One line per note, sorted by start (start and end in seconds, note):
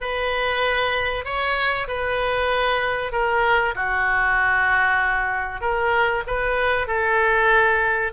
0.00 1.24 B4
1.24 1.87 C#5
1.87 3.11 B4
3.11 3.74 A#4
3.75 5.61 F#4
5.61 6.23 A#4
6.26 6.87 B4
6.87 8.12 A4